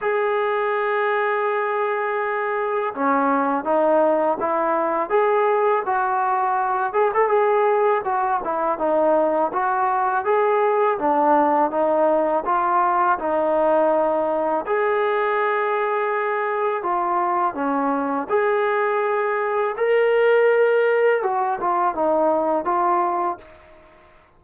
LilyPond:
\new Staff \with { instrumentName = "trombone" } { \time 4/4 \tempo 4 = 82 gis'1 | cis'4 dis'4 e'4 gis'4 | fis'4. gis'16 a'16 gis'4 fis'8 e'8 | dis'4 fis'4 gis'4 d'4 |
dis'4 f'4 dis'2 | gis'2. f'4 | cis'4 gis'2 ais'4~ | ais'4 fis'8 f'8 dis'4 f'4 | }